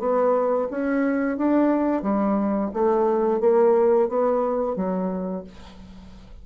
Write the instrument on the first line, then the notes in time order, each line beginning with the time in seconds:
bassoon
0.00 B3
0.71 C#4
1.38 D4
2.03 G3
2.74 A3
3.41 A#3
4.09 B3
4.76 F#3